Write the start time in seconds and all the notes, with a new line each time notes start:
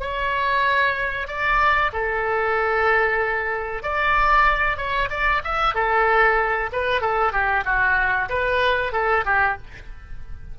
0.00 C#5
1.27 D5
1.93 A4
3.82 D5
4.77 C#5
5.10 D5
5.44 E5
5.74 A4
6.72 B4
7.01 A4
7.32 G4
7.65 F#4
8.29 B4
8.92 A4
9.25 G4